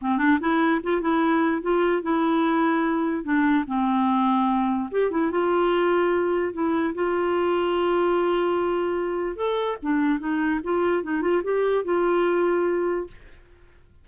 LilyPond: \new Staff \with { instrumentName = "clarinet" } { \time 4/4 \tempo 4 = 147 c'8 d'8 e'4 f'8 e'4. | f'4 e'2. | d'4 c'2. | g'8 e'8 f'2. |
e'4 f'2.~ | f'2. a'4 | d'4 dis'4 f'4 dis'8 f'8 | g'4 f'2. | }